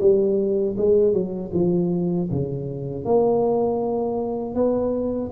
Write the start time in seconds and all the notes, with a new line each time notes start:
0.00 G3
0.77 G#3
1.13 F#3
1.53 F3
2.31 C#3
3.04 A#3
4.54 B3